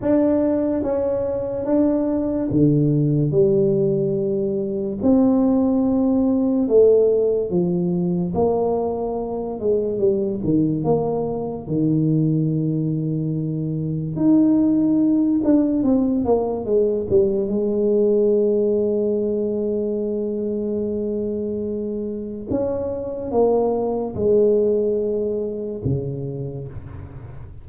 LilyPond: \new Staff \with { instrumentName = "tuba" } { \time 4/4 \tempo 4 = 72 d'4 cis'4 d'4 d4 | g2 c'2 | a4 f4 ais4. gis8 | g8 dis8 ais4 dis2~ |
dis4 dis'4. d'8 c'8 ais8 | gis8 g8 gis2.~ | gis2. cis'4 | ais4 gis2 cis4 | }